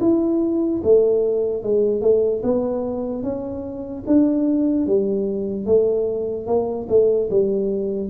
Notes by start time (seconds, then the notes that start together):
0.00 E4
0.83 A3
1.63 G#3
2.01 A3
2.43 B3
3.22 C#4
4.06 D4
4.86 G3
5.65 A3
6.46 A#3
6.89 A3
7.30 G3